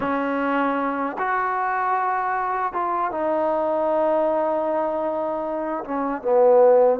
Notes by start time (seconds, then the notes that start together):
0.00 C#4
1.18 F#4
2.73 F4
3.11 D#4
5.84 C#4
6.22 B3